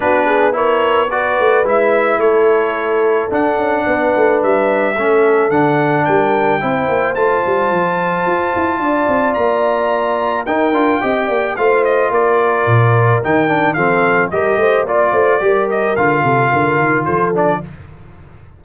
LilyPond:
<<
  \new Staff \with { instrumentName = "trumpet" } { \time 4/4 \tempo 4 = 109 b'4 cis''4 d''4 e''4 | cis''2 fis''2 | e''2 fis''4 g''4~ | g''4 a''2.~ |
a''4 ais''2 g''4~ | g''4 f''8 dis''8 d''2 | g''4 f''4 dis''4 d''4~ | d''8 dis''8 f''2 c''8 d''8 | }
  \new Staff \with { instrumentName = "horn" } { \time 4/4 fis'8 gis'8 ais'4 b'2 | a'2. b'4~ | b'4 a'2 ais'4 | c''1 |
d''2. ais'4 | dis''8 d''8 c''4 ais'2~ | ais'4 a'4 ais'8 c''8 d''8 c''8 | ais'4. a'8 ais'4 a'4 | }
  \new Staff \with { instrumentName = "trombone" } { \time 4/4 d'4 e'4 fis'4 e'4~ | e'2 d'2~ | d'4 cis'4 d'2 | e'4 f'2.~ |
f'2. dis'8 f'8 | g'4 f'2. | dis'8 d'8 c'4 g'4 f'4 | g'4 f'2~ f'8 d'8 | }
  \new Staff \with { instrumentName = "tuba" } { \time 4/4 b2~ b8 a8 gis4 | a2 d'8 cis'8 b8 a8 | g4 a4 d4 g4 | c'8 ais8 a8 g8 f4 f'8 e'8 |
d'8 c'8 ais2 dis'8 d'8 | c'8 ais8 a4 ais4 ais,4 | dis4 f4 g8 a8 ais8 a8 | g4 d8 c8 d8 dis8 f4 | }
>>